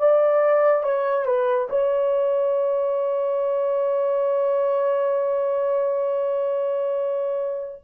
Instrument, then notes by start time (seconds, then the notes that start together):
horn
0.00 D5
0.84 C#5
1.26 B4
1.70 C#5